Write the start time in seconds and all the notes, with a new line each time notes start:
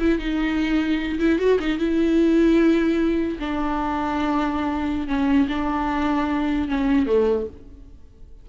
0.00 E4
0.19 D#4
1.20 E4
1.39 F#4
1.60 D#4
1.79 E4
3.40 D4
5.08 C#4
5.49 D4
6.69 C#4
7.07 A3